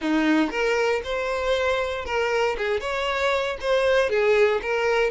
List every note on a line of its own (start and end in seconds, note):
0.01 0.50 D#4
0.50 1.01 A#4
1.03 2.05 C5
2.05 2.56 A#4
2.57 2.80 G#4
2.80 3.57 C#5
3.60 4.09 C5
4.09 4.60 G#4
4.62 5.10 A#4